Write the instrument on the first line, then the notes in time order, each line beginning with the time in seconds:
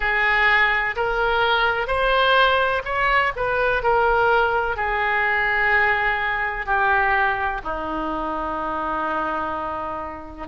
oboe
0.00 G#4
0.96 A#4
1.87 C5
2.84 C#5
3.35 B4
3.82 A#4
4.76 G#4
6.65 G4
7.63 D#4